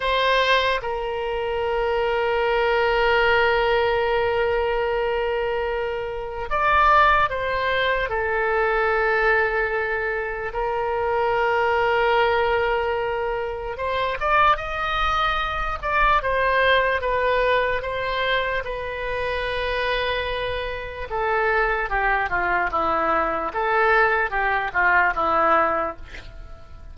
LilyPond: \new Staff \with { instrumentName = "oboe" } { \time 4/4 \tempo 4 = 74 c''4 ais'2.~ | ais'1 | d''4 c''4 a'2~ | a'4 ais'2.~ |
ais'4 c''8 d''8 dis''4. d''8 | c''4 b'4 c''4 b'4~ | b'2 a'4 g'8 f'8 | e'4 a'4 g'8 f'8 e'4 | }